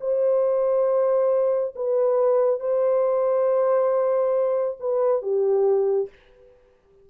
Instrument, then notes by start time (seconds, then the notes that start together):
horn
0.00 C5
1.75 B4
2.60 C5
4.79 B4
5.22 G4